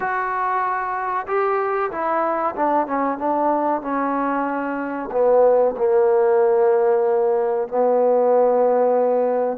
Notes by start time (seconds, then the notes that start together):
0.00 F#4
1.27 G4
1.91 E4
2.55 D4
2.87 C#4
3.18 D4
3.82 C#4
5.11 B3
5.77 A#3
7.67 B3